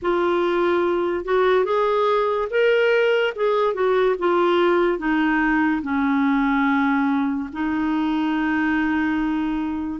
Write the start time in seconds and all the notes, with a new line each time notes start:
0.02 F4
1.24 F#4
1.64 G#4
2.50 A#4
3.35 G#4
3.73 F#4
4.18 F4
4.98 D#4
5.82 C#4
7.52 D#4